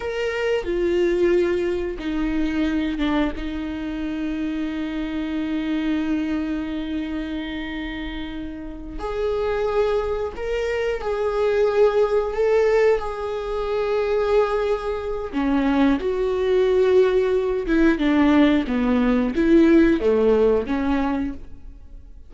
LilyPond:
\new Staff \with { instrumentName = "viola" } { \time 4/4 \tempo 4 = 90 ais'4 f'2 dis'4~ | dis'8 d'8 dis'2.~ | dis'1~ | dis'4. gis'2 ais'8~ |
ais'8 gis'2 a'4 gis'8~ | gis'2. cis'4 | fis'2~ fis'8 e'8 d'4 | b4 e'4 a4 cis'4 | }